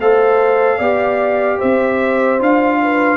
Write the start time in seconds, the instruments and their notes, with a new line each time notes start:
0.00 tuba A3, trombone A4, horn C5, trumpet F5
0.78 tuba B3, trombone G4, horn D5
1.59 tuba C4, horn C5, trumpet E5
2.40 tuba D4, trombone F4, trumpet F5
2.83 horn B4